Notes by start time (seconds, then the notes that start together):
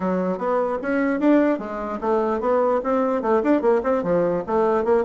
0.00 F#3
0.37 B3
0.82 C#4
1.20 D4
1.59 G#3
2.01 A3
2.40 B3
2.83 C4
3.21 A3
3.43 D4
3.61 A#3
3.83 C4
4.03 F3
4.46 A3
4.84 A#3